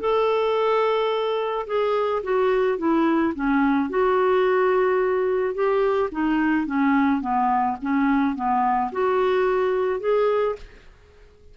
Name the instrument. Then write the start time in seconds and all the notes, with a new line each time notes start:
clarinet
0.00 A4
1.67 G#4
2.23 F#4
2.78 E4
3.35 C#4
3.90 F#4
5.54 G4
6.12 D#4
6.66 C#4
7.21 B3
7.82 C#4
8.36 B3
8.92 F#4
10.00 G#4